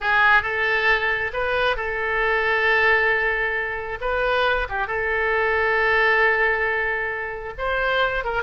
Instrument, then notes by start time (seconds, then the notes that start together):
oboe
0.00 G#4
0.42 A4
1.33 B4
1.76 A4
4.00 B4
4.69 G4
4.87 A4
7.57 C5
8.24 A#4